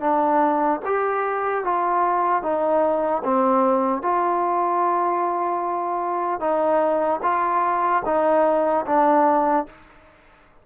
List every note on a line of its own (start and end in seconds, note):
0.00 0.80 D4
0.85 1.64 G4
1.64 2.43 F4
2.43 3.23 D#4
3.24 4.02 C4
4.02 6.40 F4
6.40 7.20 D#4
7.23 8.03 F4
8.05 8.85 D#4
8.86 9.66 D4